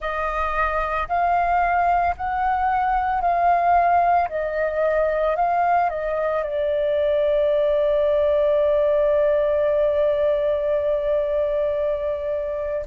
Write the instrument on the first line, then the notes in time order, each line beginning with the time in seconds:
flute
0.00 D#5
1.08 F5
2.17 F#5
3.21 F5
4.29 D#5
5.36 F5
5.89 D#5
6.43 D5